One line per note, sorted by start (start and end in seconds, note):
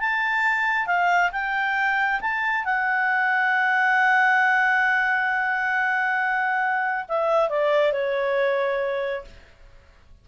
0.00 0.86 A5
0.86 1.31 F5
1.32 2.20 G5
2.21 2.65 A5
2.65 7.06 F#5
7.08 7.49 E5
7.49 7.92 D5
7.92 9.25 C#5